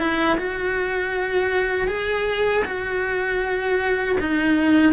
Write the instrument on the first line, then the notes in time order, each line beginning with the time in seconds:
cello
0.00 E4
0.38 F#4
1.88 G#4
2.65 F#4
4.20 D#4